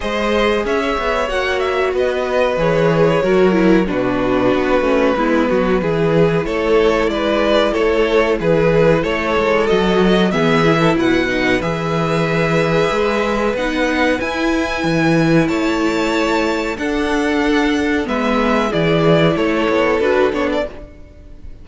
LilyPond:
<<
  \new Staff \with { instrumentName = "violin" } { \time 4/4 \tempo 4 = 93 dis''4 e''4 fis''8 e''8 dis''4 | cis''2 b'2~ | b'2 cis''4 d''4 | cis''4 b'4 cis''4 dis''4 |
e''4 fis''4 e''2~ | e''4 fis''4 gis''2 | a''2 fis''2 | e''4 d''4 cis''4 b'8 cis''16 d''16 | }
  \new Staff \with { instrumentName = "violin" } { \time 4/4 c''4 cis''2 b'4~ | b'4 ais'4 fis'2 | e'8 fis'8 gis'4 a'4 b'4 | a'4 gis'4 a'2 |
gis'8. a'16 b'2.~ | b'1 | cis''2 a'2 | b'4 gis'4 a'2 | }
  \new Staff \with { instrumentName = "viola" } { \time 4/4 gis'2 fis'2 | gis'4 fis'8 e'8 d'4. cis'8 | b4 e'2.~ | e'2. fis'4 |
b8 e'4 dis'8 gis'2~ | gis'4 dis'4 e'2~ | e'2 d'2 | b4 e'2 fis'8 d'8 | }
  \new Staff \with { instrumentName = "cello" } { \time 4/4 gis4 cis'8 b8 ais4 b4 | e4 fis4 b,4 b8 a8 | gis8 fis8 e4 a4 gis4 | a4 e4 a8 gis8 fis4 |
e4 b,4 e2 | gis4 b4 e'4 e4 | a2 d'2 | gis4 e4 a8 b8 d'8 b8 | }
>>